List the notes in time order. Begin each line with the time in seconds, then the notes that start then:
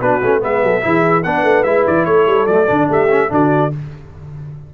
0.00 B3 D4 F#4 B4
0.22 A3 C#4
0.40 G#3 B3 B4 E5
0.63 F#3 A4
0.81 E3 E4 G#4
1.23 B3 D4 B4 F#5
1.43 A3
1.63 G#3 E4 E5
1.86 E3 D5
2.05 A3 A4 C#5
2.26 G3
2.46 F#3 A3 D5
2.66 D3 D4
2.88 A3 G4 E5
3.08 C#4
3.29 D3 D4 F#4 D5